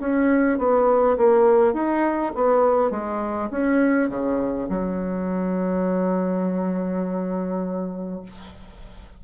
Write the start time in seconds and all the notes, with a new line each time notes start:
0.00 C#4
0.58 B3
1.18 A#3
1.74 D#4
2.35 B3
2.91 G#3
3.51 C#4
4.09 C#3
4.70 F#3